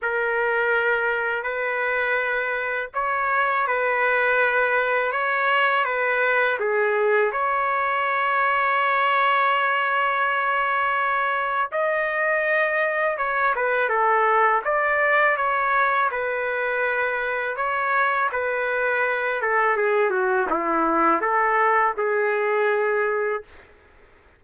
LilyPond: \new Staff \with { instrumentName = "trumpet" } { \time 4/4 \tempo 4 = 82 ais'2 b'2 | cis''4 b'2 cis''4 | b'4 gis'4 cis''2~ | cis''1 |
dis''2 cis''8 b'8 a'4 | d''4 cis''4 b'2 | cis''4 b'4. a'8 gis'8 fis'8 | e'4 a'4 gis'2 | }